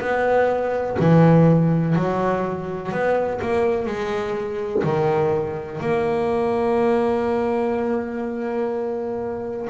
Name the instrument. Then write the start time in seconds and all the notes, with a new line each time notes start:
double bass
0.00 B3
0.99 E3
1.95 F#3
2.92 B3
3.41 A#3
3.86 G#3
4.84 D#3
5.81 A#3